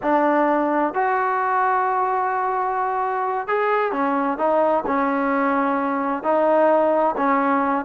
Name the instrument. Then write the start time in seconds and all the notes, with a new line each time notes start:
trombone
0.02 D4
0.94 F#4
3.47 G#4
3.92 C#4
4.37 D#4
4.86 C#4
6.23 D#4
7.16 C#4